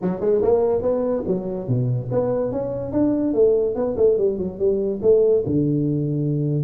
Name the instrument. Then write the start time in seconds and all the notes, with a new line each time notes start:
tuba
0.01 F#3
0.20 G#3
0.41 A#3
0.81 B3
1.27 F#3
1.67 B2
2.11 B3
2.51 C#4
2.92 D4
3.33 A3
3.75 B3
3.96 A3
4.17 G3
4.37 F#3
4.58 G3
5.02 A3
5.45 D3